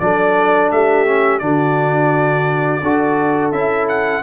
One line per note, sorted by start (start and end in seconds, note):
0.00 0.71 F#3
0.00 1.06 D4
0.00 0.74 A4
0.00 0.71 D5
0.71 1.42 A3
0.71 1.43 G4
0.71 1.39 E5
1.06 1.41 C#4
1.39 2.83 D3
1.39 2.82 D4
1.39 2.82 F#4
1.39 3.51 D5
2.82 3.52 D4
2.82 3.53 F#4
2.82 4.23 A4
3.52 4.22 C#4
3.52 4.23 E4
3.52 3.87 E5
3.89 4.23 F#5